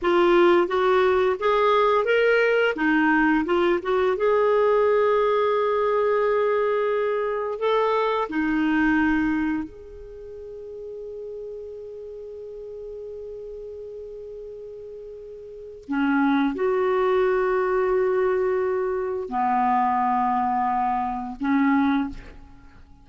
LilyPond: \new Staff \with { instrumentName = "clarinet" } { \time 4/4 \tempo 4 = 87 f'4 fis'4 gis'4 ais'4 | dis'4 f'8 fis'8 gis'2~ | gis'2. a'4 | dis'2 gis'2~ |
gis'1~ | gis'2. cis'4 | fis'1 | b2. cis'4 | }